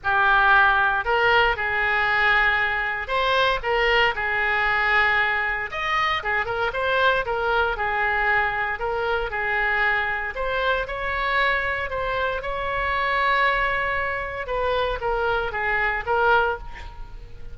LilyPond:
\new Staff \with { instrumentName = "oboe" } { \time 4/4 \tempo 4 = 116 g'2 ais'4 gis'4~ | gis'2 c''4 ais'4 | gis'2. dis''4 | gis'8 ais'8 c''4 ais'4 gis'4~ |
gis'4 ais'4 gis'2 | c''4 cis''2 c''4 | cis''1 | b'4 ais'4 gis'4 ais'4 | }